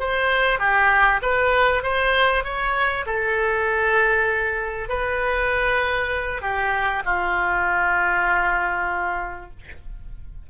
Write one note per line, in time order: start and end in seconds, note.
0.00 0.59 C5
0.59 1.21 G4
1.22 1.83 B4
1.83 2.44 C5
2.44 3.06 C#5
3.06 4.89 A4
4.89 6.42 B4
6.42 7.03 G4
7.05 9.50 F4